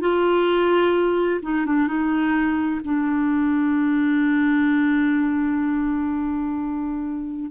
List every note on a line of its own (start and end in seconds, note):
0.00 1.41 F4
1.42 1.66 D#4
1.66 1.87 D4
1.87 2.81 D#4
2.84 7.51 D4